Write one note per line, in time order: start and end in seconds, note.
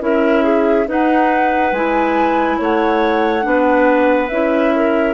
0.00 0.87 C#4
0.00 0.86 E4
0.00 0.44 A#4
0.00 0.89 E5
0.44 0.86 G#4
0.87 1.73 D#4
0.87 1.72 D#4
0.87 2.59 B4
0.87 1.74 F#5
1.72 2.58 G#3
1.72 3.43 E4
1.72 2.59 G#5
2.59 3.46 A3
2.59 3.45 C#5
2.59 4.29 F#5
3.43 4.31 B3
3.43 4.28 D4
3.43 4.75 B4
4.29 5.15 C#4
4.29 5.15 E4
4.29 5.15 E5
4.76 5.15 A#4